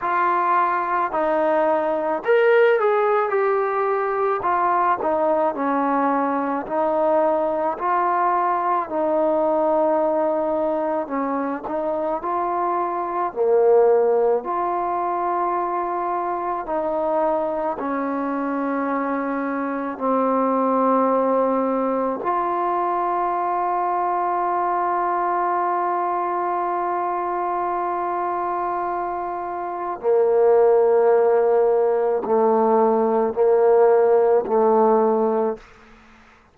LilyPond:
\new Staff \with { instrumentName = "trombone" } { \time 4/4 \tempo 4 = 54 f'4 dis'4 ais'8 gis'8 g'4 | f'8 dis'8 cis'4 dis'4 f'4 | dis'2 cis'8 dis'8 f'4 | ais4 f'2 dis'4 |
cis'2 c'2 | f'1~ | f'2. ais4~ | ais4 a4 ais4 a4 | }